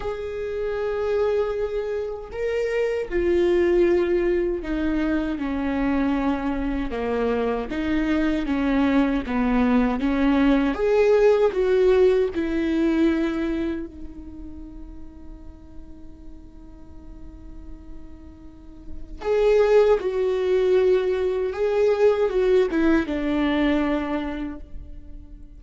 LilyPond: \new Staff \with { instrumentName = "viola" } { \time 4/4 \tempo 4 = 78 gis'2. ais'4 | f'2 dis'4 cis'4~ | cis'4 ais4 dis'4 cis'4 | b4 cis'4 gis'4 fis'4 |
e'2 dis'2~ | dis'1~ | dis'4 gis'4 fis'2 | gis'4 fis'8 e'8 d'2 | }